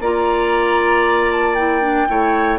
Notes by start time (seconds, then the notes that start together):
0.00 A#3 F4 D5 A#5
1.32 A5
1.55 E4 G5
1.81 D4
2.08 A3 E4 C#5